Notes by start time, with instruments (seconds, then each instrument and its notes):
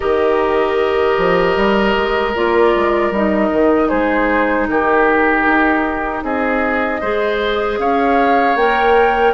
0.00 bassoon D#3, clarinet G4, oboe A#4, flute D#5
1.17 bassoon F3
1.56 bassoon G3
1.96 bassoon G#3
2.35 bassoon A#3, clarinet F4, flute D5
2.74 bassoon G#3
3.10 bassoon G3, clarinet D#4, flute D#5
3.52 bassoon D#3
3.88 bassoon G#3, oboe G#4, flute C5
4.68 bassoon D#3, oboe G4, flute A#4
5.45 bassoon D#4
6.22 bassoon C4, oboe G#4, flute D#5
7.00 bassoon G#3, clarinet G#4, oboe C5
7.77 bassoon C#4, oboe C#5, flute F5
8.55 bassoon A#3, clarinet A#4, flute G5